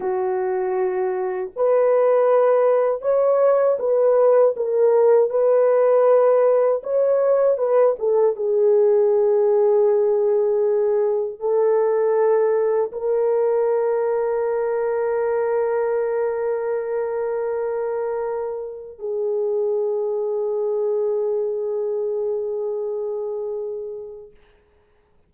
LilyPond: \new Staff \with { instrumentName = "horn" } { \time 4/4 \tempo 4 = 79 fis'2 b'2 | cis''4 b'4 ais'4 b'4~ | b'4 cis''4 b'8 a'8 gis'4~ | gis'2. a'4~ |
a'4 ais'2.~ | ais'1~ | ais'4 gis'2.~ | gis'1 | }